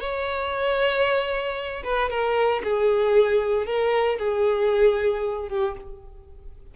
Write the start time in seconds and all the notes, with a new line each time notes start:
0.00 C#5
1.84 B4
2.09 A#4
2.63 G#4
3.66 A#4
4.18 G#4
5.48 G4